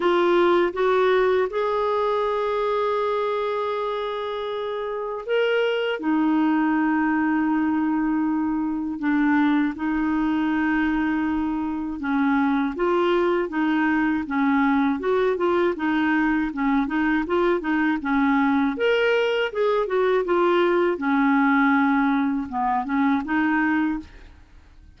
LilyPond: \new Staff \with { instrumentName = "clarinet" } { \time 4/4 \tempo 4 = 80 f'4 fis'4 gis'2~ | gis'2. ais'4 | dis'1 | d'4 dis'2. |
cis'4 f'4 dis'4 cis'4 | fis'8 f'8 dis'4 cis'8 dis'8 f'8 dis'8 | cis'4 ais'4 gis'8 fis'8 f'4 | cis'2 b8 cis'8 dis'4 | }